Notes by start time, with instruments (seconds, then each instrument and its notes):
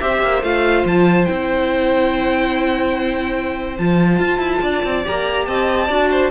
0.00 cello C4, viola G4, violin C5 E5
0.22 cello A#3
0.42 cello A3, viola F4, violin F5
0.85 cello F3, violin A5
1.25 cello C4, viola E4, violin G5
3.78 cello F3, viola F4, violin A5
4.19 cello F4
4.38 cello E4
4.62 cello D4, violin D5
4.84 cello C4
5.04 cello A#3, viola G4, violin A#5
5.46 cello C4, violin D#5 A5
5.87 cello D4, viola F#4, violin D5
6.11 violin C5